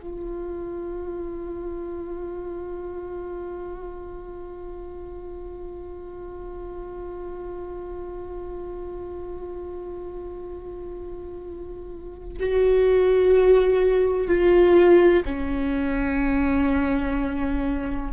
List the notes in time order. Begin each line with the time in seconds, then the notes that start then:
0.00 F4
12.39 F#4
14.27 F4
15.25 C#4